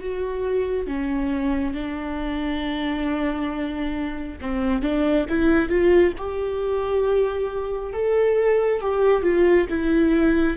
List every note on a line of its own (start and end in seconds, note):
0.00 0.87 F#4
0.87 1.74 C#4
1.74 4.38 D4
4.41 4.82 C4
4.82 5.26 D4
5.29 5.69 E4
5.69 6.13 F4
6.17 7.93 G4
7.93 8.81 A4
8.81 9.22 G4
9.22 9.67 F4
9.69 10.57 E4